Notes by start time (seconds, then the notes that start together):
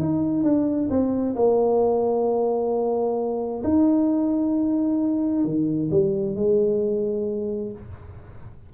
0.00 D#4
0.44 D4
0.90 C4
1.36 A#3
3.64 D#4
5.45 D#3
5.91 G3
6.36 G#3